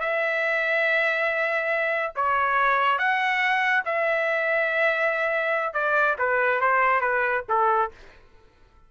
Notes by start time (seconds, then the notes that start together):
0.00 E5
2.15 C#5
2.99 F#5
3.85 E5
5.74 D5
6.19 B4
6.61 C5
7.01 B4
7.49 A4